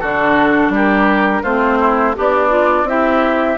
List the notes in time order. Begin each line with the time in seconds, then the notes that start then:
0.00 D3 D4 F#4 A4
0.69 G3 G4
0.76 A#4
1.42 A3 C4 F4 C5
1.79 E4
2.15 B3 D4 G4 D5
2.49 F4
2.84 C4 E4 G4 E5